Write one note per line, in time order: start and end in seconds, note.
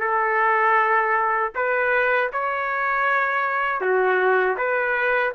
0.00 1.52 A4
1.55 2.31 B4
2.32 3.80 C#5
3.80 4.56 F#4
4.57 5.33 B4